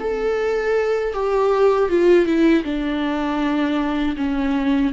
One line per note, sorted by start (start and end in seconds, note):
0.00 1.14 A4
1.14 1.90 G4
1.90 2.26 F4
2.26 2.64 E4
2.64 4.16 D4
4.17 4.93 C#4